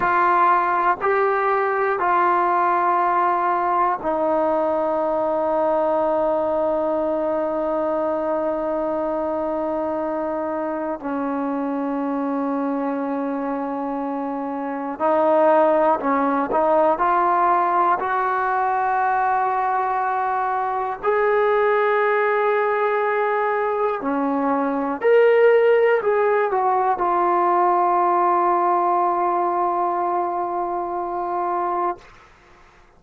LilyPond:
\new Staff \with { instrumentName = "trombone" } { \time 4/4 \tempo 4 = 60 f'4 g'4 f'2 | dis'1~ | dis'2. cis'4~ | cis'2. dis'4 |
cis'8 dis'8 f'4 fis'2~ | fis'4 gis'2. | cis'4 ais'4 gis'8 fis'8 f'4~ | f'1 | }